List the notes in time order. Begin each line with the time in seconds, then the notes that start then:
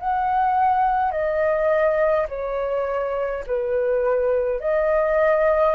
0.00 F#5
1.11 D#5
2.29 C#5
3.47 B4
4.60 D#5